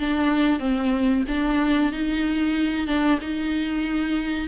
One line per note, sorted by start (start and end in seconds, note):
0.00 0.60 D4
0.60 1.24 C4
1.28 1.92 D4
1.92 2.87 D#4
2.87 3.19 D4
3.21 4.48 D#4